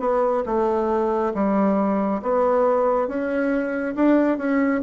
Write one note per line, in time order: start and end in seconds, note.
0.00 0.43 B3
0.46 1.33 A3
1.35 2.22 G3
2.23 3.08 B3
3.08 3.95 C#4
3.96 4.38 D4
4.38 4.81 C#4